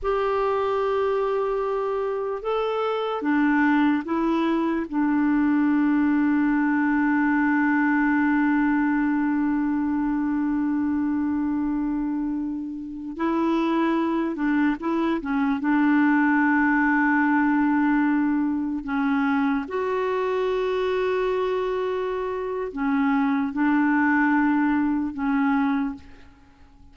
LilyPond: \new Staff \with { instrumentName = "clarinet" } { \time 4/4 \tempo 4 = 74 g'2. a'4 | d'4 e'4 d'2~ | d'1~ | d'1~ |
d'16 e'4. d'8 e'8 cis'8 d'8.~ | d'2.~ d'16 cis'8.~ | cis'16 fis'2.~ fis'8. | cis'4 d'2 cis'4 | }